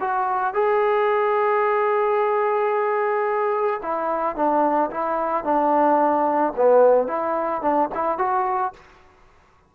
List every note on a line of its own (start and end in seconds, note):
0.00 0.54 F#4
0.54 3.81 G#4
3.83 4.36 E4
4.36 4.90 D4
4.90 5.44 E4
5.44 6.53 D4
6.56 7.07 B3
7.07 7.61 E4
7.61 7.89 D4
7.95 8.18 E4
8.18 8.73 F#4